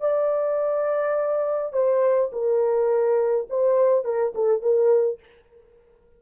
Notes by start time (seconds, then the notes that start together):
0.00 D5
1.73 C5
2.32 A#4
3.50 C5
4.04 A#4
4.35 A4
4.62 A#4